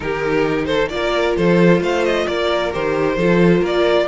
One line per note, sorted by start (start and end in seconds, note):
0.00 0.91 D#3
0.00 0.90 D#4
0.00 0.67 G4
0.00 0.65 A#4
0.65 0.89 A4
0.65 0.88 C5
0.89 1.37 A#3
0.89 2.71 F4
0.89 1.34 D5
0.95 1.36 A#4
1.36 1.80 F3
1.36 1.80 A4
1.36 1.82 C5
1.80 2.26 A3
1.80 2.26 C5
1.80 2.04 F5
2.04 2.26 D#5
2.26 2.74 A#3
2.26 3.17 A#4
2.26 2.72 D5
2.71 3.17 D#3
2.71 3.17 G4
2.71 3.64 C5
3.17 3.61 F3
3.17 4.07 F4
3.17 3.60 A4
3.60 4.07 A#3
3.60 4.06 A#4
3.60 4.07 D5